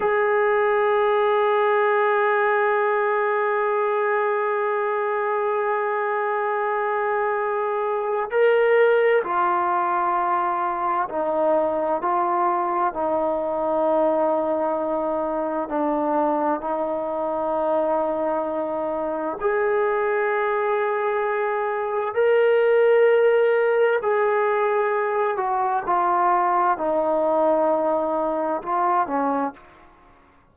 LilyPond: \new Staff \with { instrumentName = "trombone" } { \time 4/4 \tempo 4 = 65 gis'1~ | gis'1~ | gis'4 ais'4 f'2 | dis'4 f'4 dis'2~ |
dis'4 d'4 dis'2~ | dis'4 gis'2. | ais'2 gis'4. fis'8 | f'4 dis'2 f'8 cis'8 | }